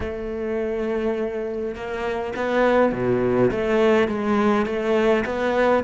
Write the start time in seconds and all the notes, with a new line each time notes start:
0.00 A3
1.75 A#3
2.36 B3
2.92 B2
3.51 A3
4.08 G#3
4.66 A3
5.25 B3